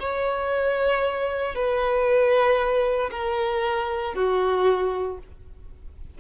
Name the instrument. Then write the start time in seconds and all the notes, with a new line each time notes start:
violin
0.00 C#5
1.56 B4
3.11 A#4
4.15 F#4